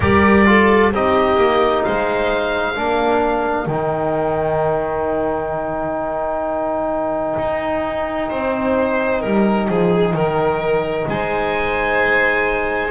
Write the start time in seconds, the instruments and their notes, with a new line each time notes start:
0.00 double bass G3, trombone G4, violin A#4, oboe D5
0.45 trombone F4, violin A4
0.92 double bass C4, trombone D#4, violin G4, oboe D#5
1.37 double bass A#3
1.83 double bass G#3, violin C5, oboe F5
2.75 double bass A#3, trombone D4, violin A#4
3.66 double bass D#3, trombone D#4, oboe G5
7.38 double bass D#4
8.29 double bass C4, violin C5
9.21 double bass G3, violin A#4
9.68 double bass F3, violin G#4
10.13 double bass D#3, violin A#4
11.07 double bass G#3, violin C5, oboe G#5